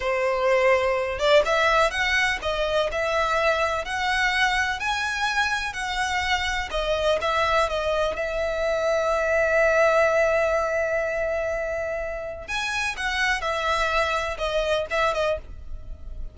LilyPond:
\new Staff \with { instrumentName = "violin" } { \time 4/4 \tempo 4 = 125 c''2~ c''8 d''8 e''4 | fis''4 dis''4 e''2 | fis''2 gis''2 | fis''2 dis''4 e''4 |
dis''4 e''2.~ | e''1~ | e''2 gis''4 fis''4 | e''2 dis''4 e''8 dis''8 | }